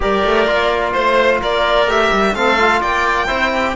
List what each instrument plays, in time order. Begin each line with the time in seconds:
0.00 cello G3, trombone G4, oboe A#4, violin D5
0.24 cello A3
0.46 cello A#3, trombone F4
0.92 cello A3, oboe C5, violin C5
1.41 cello A#3, oboe A#4, violin D5
1.87 cello A3, trombone G4, violin E5
2.12 cello G3
2.34 cello A3, trombone C4, oboe A4, violin F5
2.58 trombone F4
2.80 cello A#3, oboe D5, violin G5
3.26 cello C4, trombone E4, oboe C5
3.53 oboe G4